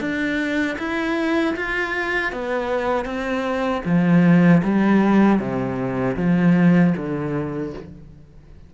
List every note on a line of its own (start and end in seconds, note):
0.00 0.77 D4
0.78 1.55 E4
1.56 2.32 F4
2.32 3.05 B3
3.05 3.81 C4
3.85 4.62 F3
4.63 5.39 G3
5.39 6.16 C3
6.16 6.93 F3
6.97 7.73 D3